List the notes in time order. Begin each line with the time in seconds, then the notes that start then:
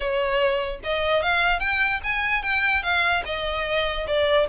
0.00 C#5
0.83 D#5
1.22 F5
1.59 G5
2.03 G#5
2.42 G5
2.82 F5
3.25 D#5
4.07 D5